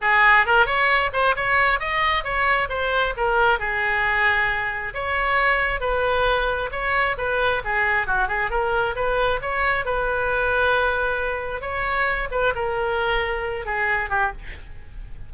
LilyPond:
\new Staff \with { instrumentName = "oboe" } { \time 4/4 \tempo 4 = 134 gis'4 ais'8 cis''4 c''8 cis''4 | dis''4 cis''4 c''4 ais'4 | gis'2. cis''4~ | cis''4 b'2 cis''4 |
b'4 gis'4 fis'8 gis'8 ais'4 | b'4 cis''4 b'2~ | b'2 cis''4. b'8 | ais'2~ ais'8 gis'4 g'8 | }